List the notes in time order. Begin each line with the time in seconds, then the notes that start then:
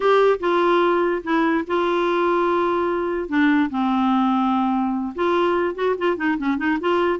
0.00 G4
0.40 F4
1.23 E4
1.67 F4
3.28 D4
3.70 C4
5.15 F4
5.75 F#4
5.97 F4
6.16 D#4
6.38 C#4
6.57 D#4
6.80 F4